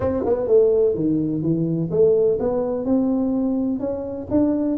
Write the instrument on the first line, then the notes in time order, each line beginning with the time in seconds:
tuba
0.00 C4
0.25 B3
0.47 A3
0.95 D#3
1.42 E3
1.90 A3
2.39 B3
2.85 C4
3.79 C#4
4.30 D4